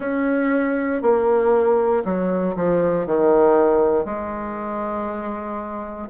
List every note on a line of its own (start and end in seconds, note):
0.00 1.02 C#4
1.02 2.03 A#3
2.04 2.55 F#3
2.56 3.06 F3
3.06 4.05 D#3
4.05 6.08 G#3